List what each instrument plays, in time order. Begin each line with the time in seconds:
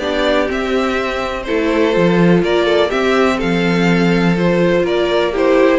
0.00 cello B3, viola D4, violin G4 D5
0.48 viola C4, cello C4, violin E5
1.44 cello A3, viola E4, violin A4 C5
1.93 cello F3, viola F4
2.43 cello A#3, violin A#4 D5
2.66 violin A4
2.90 viola C4, cello C4, violin G4 E5
3.38 cello F3, violin A4 F5
4.36 viola F4, violin C5
4.83 cello A#3, violin A#4 D5
5.32 viola E4, violin G4 C5